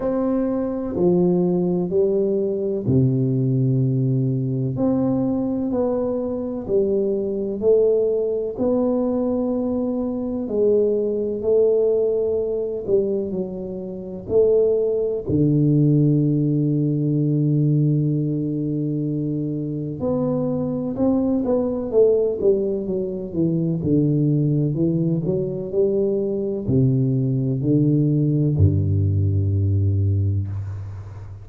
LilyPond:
\new Staff \with { instrumentName = "tuba" } { \time 4/4 \tempo 4 = 63 c'4 f4 g4 c4~ | c4 c'4 b4 g4 | a4 b2 gis4 | a4. g8 fis4 a4 |
d1~ | d4 b4 c'8 b8 a8 g8 | fis8 e8 d4 e8 fis8 g4 | c4 d4 g,2 | }